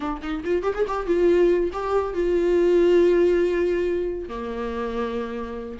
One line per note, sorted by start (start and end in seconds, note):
0.00 0.20 D4
0.22 0.43 D#4
0.44 0.63 F4
0.63 0.73 G4
0.74 0.85 G#4
0.87 1.06 G4
1.06 1.70 F4
1.72 2.14 G4
2.14 4.28 F4
4.28 5.78 A#3